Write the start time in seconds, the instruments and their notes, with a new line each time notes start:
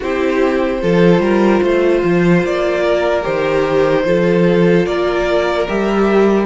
0.00 cello C4, viola E4, violin G4 C5
0.81 cello F3, viola F4, violin A4
1.19 cello G3, violin A#4
1.62 cello A3, violin C5
2.03 cello F3
2.43 cello A#3, violin D5
2.82 violin A#4
3.22 cello D#3, viola G4, violin C5
4.04 cello F3, viola F4, violin A4
4.86 cello A#3, violin A#4 D5
5.68 cello G3, viola G4, violin E5